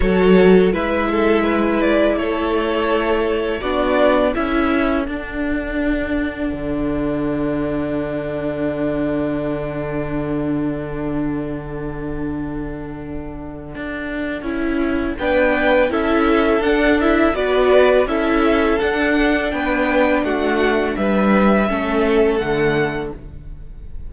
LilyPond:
<<
  \new Staff \with { instrumentName = "violin" } { \time 4/4 \tempo 4 = 83 cis''4 e''4. d''8 cis''4~ | cis''4 d''4 e''4 fis''4~ | fis''1~ | fis''1~ |
fis''1~ | fis''4 g''4 e''4 fis''8 e''8 | d''4 e''4 fis''4 g''4 | fis''4 e''2 fis''4 | }
  \new Staff \with { instrumentName = "violin" } { \time 4/4 a'4 b'8 a'8 b'4 a'4~ | a'4 fis'4 a'2~ | a'1~ | a'1~ |
a'1~ | a'4 b'4 a'2 | b'4 a'2 b'4 | fis'4 b'4 a'2 | }
  \new Staff \with { instrumentName = "viola" } { \time 4/4 fis'4 e'2.~ | e'4 d'4 e'4 d'4~ | d'1~ | d'1~ |
d'1 | e'4 d'4 e'4 d'8 e'8 | fis'4 e'4 d'2~ | d'2 cis'4 a4 | }
  \new Staff \with { instrumentName = "cello" } { \time 4/4 fis4 gis2 a4~ | a4 b4 cis'4 d'4~ | d'4 d2.~ | d1~ |
d2. d'4 | cis'4 b4 cis'4 d'4 | b4 cis'4 d'4 b4 | a4 g4 a4 d4 | }
>>